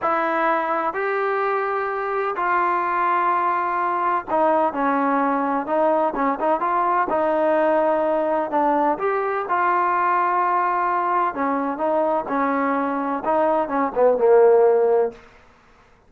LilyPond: \new Staff \with { instrumentName = "trombone" } { \time 4/4 \tempo 4 = 127 e'2 g'2~ | g'4 f'2.~ | f'4 dis'4 cis'2 | dis'4 cis'8 dis'8 f'4 dis'4~ |
dis'2 d'4 g'4 | f'1 | cis'4 dis'4 cis'2 | dis'4 cis'8 b8 ais2 | }